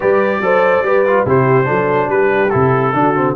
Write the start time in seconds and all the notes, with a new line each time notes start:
0.00 G3 G4 B4 D5
0.41 F#3 A4 C5
0.82 G3 G4 B4
1.06 F4
1.25 C3 E4 G4 C5
1.65 F#3 D4 A4
2.08 G3 G4 B4
2.50 C3 E4 A4
2.93 D3 D4 F#4
3.15 C4